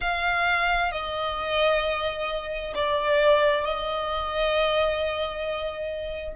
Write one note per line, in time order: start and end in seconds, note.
0.00 0.91 F5
0.91 2.73 D#5
2.74 3.64 D5
3.64 6.35 D#5